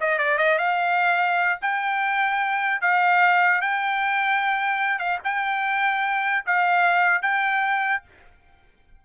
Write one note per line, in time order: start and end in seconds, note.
0.00 0.18 D#5
0.18 0.38 D5
0.38 0.58 D#5
0.58 1.59 F5
1.61 2.81 G5
2.81 3.61 F5
3.61 4.98 G5
4.98 5.18 F5
5.23 6.44 G5
6.46 7.22 F5
7.22 8.02 G5